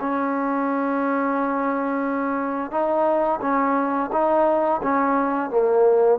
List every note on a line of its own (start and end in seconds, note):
0.00 2.71 C#4
2.71 3.39 D#4
3.41 4.10 C#4
4.12 4.81 D#4
4.82 5.50 C#4
5.50 6.18 A#3